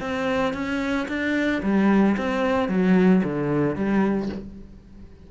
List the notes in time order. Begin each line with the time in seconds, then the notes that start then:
0.00 C4
0.53 C#4
1.08 D4
1.62 G3
2.17 C4
2.68 F#3
3.24 D3
3.75 G3